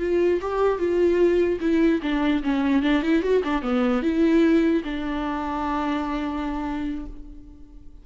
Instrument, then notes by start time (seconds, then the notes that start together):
viola
0.00 F4
0.42 G4
0.79 F4
1.61 E4
2.03 D4
2.44 C#4
2.82 D4
3.03 E4
3.23 F#4
3.44 D4
3.62 B3
4.02 E4
4.84 D4